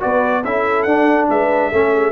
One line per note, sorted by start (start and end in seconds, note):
0.00 0.45 B3
0.00 0.43 F#4
0.00 0.44 B4
0.00 0.44 D5
0.44 0.86 C#4
0.44 0.88 E4
0.44 1.29 A4
0.44 0.83 E5
0.83 1.28 D4
0.83 1.72 D4
0.83 1.25 F#5
1.29 1.72 G#3
1.29 1.72 B4
1.29 2.12 E5
1.72 2.12 A3
1.72 2.12 C#4
1.72 1.93 A4
1.93 2.12 G#4